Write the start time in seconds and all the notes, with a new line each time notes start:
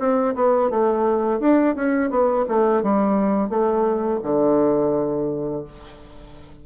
0.00 C4
0.36 B3
0.71 A3
1.41 D4
1.76 C#4
2.10 B3
2.49 A3
2.83 G3
3.50 A3
4.24 D3